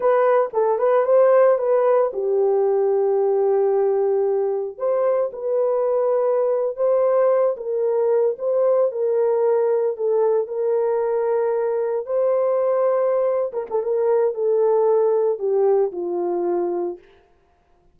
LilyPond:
\new Staff \with { instrumentName = "horn" } { \time 4/4 \tempo 4 = 113 b'4 a'8 b'8 c''4 b'4 | g'1~ | g'4 c''4 b'2~ | b'8. c''4. ais'4. c''16~ |
c''8. ais'2 a'4 ais'16~ | ais'2~ ais'8. c''4~ c''16~ | c''4. ais'16 a'16 ais'4 a'4~ | a'4 g'4 f'2 | }